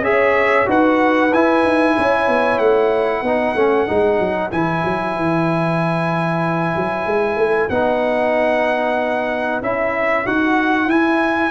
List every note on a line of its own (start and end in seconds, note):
0.00 0.64 C#4
0.00 0.66 G#4
0.00 0.67 C#5
0.00 0.68 E5
0.66 1.32 D#4
0.66 1.30 F#4
0.66 1.95 B4
0.66 1.33 F#5
1.33 1.63 E4
1.33 3.25 E4
1.33 2.59 G#5
1.63 1.95 D#4
1.97 2.28 C#4
1.97 3.23 C#5
2.28 2.59 B3
2.59 3.22 A3
2.59 4.50 F#5
3.22 3.54 B3
3.22 3.56 D#4
3.22 11.51 B4
3.55 3.87 A3
3.55 3.87 C#4
3.87 4.19 G#3
3.87 4.51 D#4
4.19 4.51 F#3
4.51 4.84 E3
4.51 7.70 E4
4.51 7.69 G#5
4.85 5.16 F#3
5.16 6.75 E3
6.76 7.06 F#3
7.06 7.36 G#3
7.36 7.68 A3
7.69 9.61 B3
7.69 9.62 D#4
7.69 9.61 F#5
9.62 10.26 C#4
9.62 10.26 E4
9.62 10.27 E5
10.26 10.87 D#4
10.26 10.87 F#4
10.26 10.90 F#5
10.87 11.51 E4
10.87 11.51 G#5